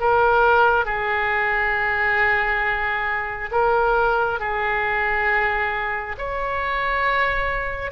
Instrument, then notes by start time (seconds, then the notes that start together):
oboe
0.00 A#4
0.85 G#4
3.51 A#4
4.39 G#4
6.18 C#5